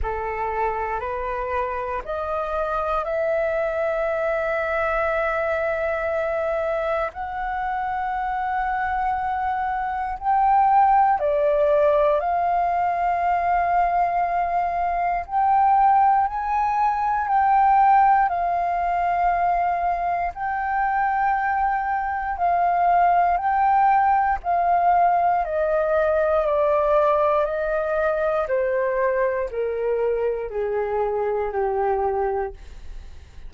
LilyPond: \new Staff \with { instrumentName = "flute" } { \time 4/4 \tempo 4 = 59 a'4 b'4 dis''4 e''4~ | e''2. fis''4~ | fis''2 g''4 d''4 | f''2. g''4 |
gis''4 g''4 f''2 | g''2 f''4 g''4 | f''4 dis''4 d''4 dis''4 | c''4 ais'4 gis'4 g'4 | }